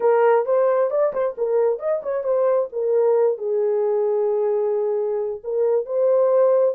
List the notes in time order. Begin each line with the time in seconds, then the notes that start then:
0.00 A#4
0.45 C5
0.90 D5
1.13 C5
1.37 A#4
1.79 D#5
2.02 C#5
2.23 C5
2.72 A#4
3.38 G#4
5.43 A#4
5.85 C5